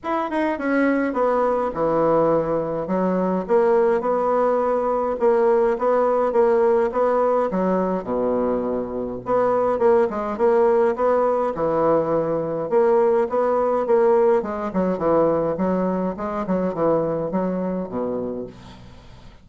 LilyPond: \new Staff \with { instrumentName = "bassoon" } { \time 4/4 \tempo 4 = 104 e'8 dis'8 cis'4 b4 e4~ | e4 fis4 ais4 b4~ | b4 ais4 b4 ais4 | b4 fis4 b,2 |
b4 ais8 gis8 ais4 b4 | e2 ais4 b4 | ais4 gis8 fis8 e4 fis4 | gis8 fis8 e4 fis4 b,4 | }